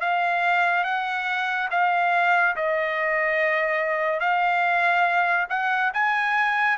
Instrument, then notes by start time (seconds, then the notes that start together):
trumpet
0.00 F5
0.84 F#5
1.71 F5
2.56 D#5
4.20 F5
5.50 F#5
5.93 G#5